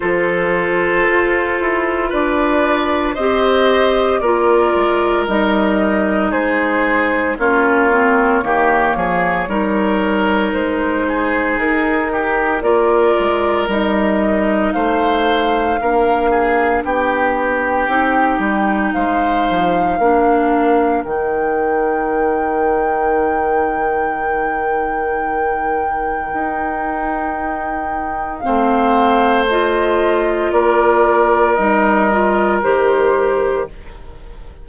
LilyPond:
<<
  \new Staff \with { instrumentName = "flute" } { \time 4/4 \tempo 4 = 57 c''2 d''4 dis''4 | d''4 dis''4 c''4 cis''4~ | cis''2 c''4 ais'4 | d''4 dis''4 f''2 |
g''2 f''2 | g''1~ | g''2. f''4 | dis''4 d''4 dis''4 c''4 | }
  \new Staff \with { instrumentName = "oboe" } { \time 4/4 a'2 b'4 c''4 | ais'2 gis'4 f'4 | g'8 gis'8 ais'4. gis'4 g'8 | ais'2 c''4 ais'8 gis'8 |
g'2 c''4 ais'4~ | ais'1~ | ais'2. c''4~ | c''4 ais'2. | }
  \new Staff \with { instrumentName = "clarinet" } { \time 4/4 f'2. g'4 | f'4 dis'2 cis'8 c'8 | ais4 dis'2. | f'4 dis'2 d'4~ |
d'4 dis'2 d'4 | dis'1~ | dis'2. c'4 | f'2 dis'8 f'8 g'4 | }
  \new Staff \with { instrumentName = "bassoon" } { \time 4/4 f4 f'8 e'8 d'4 c'4 | ais8 gis8 g4 gis4 ais4 | dis8 f8 g4 gis4 dis'4 | ais8 gis8 g4 a4 ais4 |
b4 c'8 g8 gis8 f8 ais4 | dis1~ | dis4 dis'2 a4~ | a4 ais4 g4 dis4 | }
>>